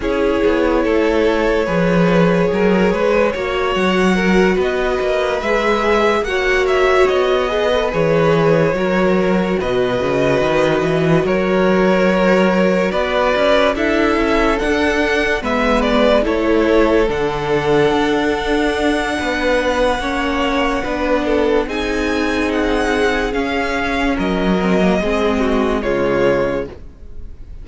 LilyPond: <<
  \new Staff \with { instrumentName = "violin" } { \time 4/4 \tempo 4 = 72 cis''1~ | cis''8 fis''4 dis''4 e''4 fis''8 | e''8 dis''4 cis''2 dis''8~ | dis''4. cis''2 d''8~ |
d''8 e''4 fis''4 e''8 d''8 cis''8~ | cis''8 fis''2.~ fis''8~ | fis''2 gis''4 fis''4 | f''4 dis''2 cis''4 | }
  \new Staff \with { instrumentName = "violin" } { \time 4/4 gis'4 a'4 b'4 ais'8 b'8 | cis''4 ais'8 b'2 cis''8~ | cis''4 b'4. ais'4 b'8~ | b'4. ais'2 b'8~ |
b'8 a'2 b'4 a'8~ | a'2. b'4 | cis''4 b'8 a'8 gis'2~ | gis'4 ais'4 gis'8 fis'8 f'4 | }
  \new Staff \with { instrumentName = "viola" } { \time 4/4 e'2 gis'2 | fis'2~ fis'8 gis'4 fis'8~ | fis'4 gis'16 a'16 gis'4 fis'4.~ | fis'1~ |
fis'8 e'4 d'4 b4 e'8~ | e'8 d'2.~ d'8 | cis'4 d'4 dis'2 | cis'4. c'16 ais16 c'4 gis4 | }
  \new Staff \with { instrumentName = "cello" } { \time 4/4 cis'8 b8 a4 f4 fis8 gis8 | ais8 fis4 b8 ais8 gis4 ais8~ | ais8 b4 e4 fis4 b,8 | cis8 dis8 e8 fis2 b8 |
cis'8 d'8 cis'8 d'4 gis4 a8~ | a8 d4 d'4. b4 | ais4 b4 c'2 | cis'4 fis4 gis4 cis4 | }
>>